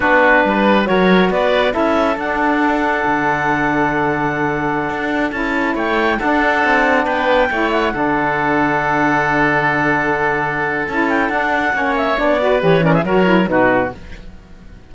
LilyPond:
<<
  \new Staff \with { instrumentName = "clarinet" } { \time 4/4 \tempo 4 = 138 b'2 cis''4 d''4 | e''4 fis''2.~ | fis''1~ | fis''16 a''4 g''4 fis''4.~ fis''16~ |
fis''16 g''4. fis''2~ fis''16~ | fis''1~ | fis''4 a''8 g''8 fis''4. e''8 | d''4 cis''8 d''16 e''16 cis''4 b'4 | }
  \new Staff \with { instrumentName = "oboe" } { \time 4/4 fis'4 b'4 ais'4 b'4 | a'1~ | a'1~ | a'4~ a'16 cis''4 a'4.~ a'16~ |
a'16 b'4 cis''4 a'4.~ a'16~ | a'1~ | a'2. cis''4~ | cis''8 b'4 ais'16 gis'16 ais'4 fis'4 | }
  \new Staff \with { instrumentName = "saxophone" } { \time 4/4 d'2 fis'2 | e'4 d'2.~ | d'1~ | d'16 e'2 d'4.~ d'16~ |
d'4~ d'16 e'4 d'4.~ d'16~ | d'1~ | d'4 e'4 d'4 cis'4 | d'8 fis'8 g'8 cis'8 fis'8 e'8 dis'4 | }
  \new Staff \with { instrumentName = "cello" } { \time 4/4 b4 g4 fis4 b4 | cis'4 d'2 d4~ | d2.~ d16 d'8.~ | d'16 cis'4 a4 d'4 c'8.~ |
c'16 b4 a4 d4.~ d16~ | d1~ | d4 cis'4 d'4 ais4 | b4 e4 fis4 b,4 | }
>>